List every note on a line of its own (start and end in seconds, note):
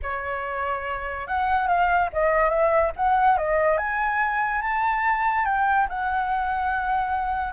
0.02 1.27 C#5
1.27 1.67 F#5
1.67 2.09 F5
2.12 2.49 D#5
2.49 2.91 E5
2.96 3.37 F#5
3.37 3.77 D#5
3.77 4.61 G#5
4.61 5.45 A5
5.45 5.87 G5
5.89 7.53 F#5